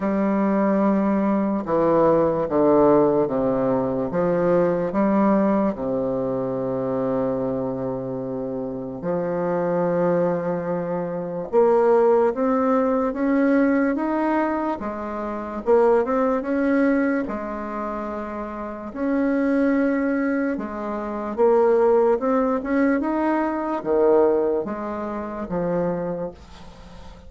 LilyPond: \new Staff \with { instrumentName = "bassoon" } { \time 4/4 \tempo 4 = 73 g2 e4 d4 | c4 f4 g4 c4~ | c2. f4~ | f2 ais4 c'4 |
cis'4 dis'4 gis4 ais8 c'8 | cis'4 gis2 cis'4~ | cis'4 gis4 ais4 c'8 cis'8 | dis'4 dis4 gis4 f4 | }